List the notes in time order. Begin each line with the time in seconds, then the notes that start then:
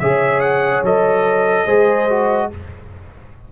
0.00 C#3 G#4 C#5 E5
0.41 F#5
0.83 F#3 A4 D#5
1.66 G#3 G#4 C5
2.10 F#4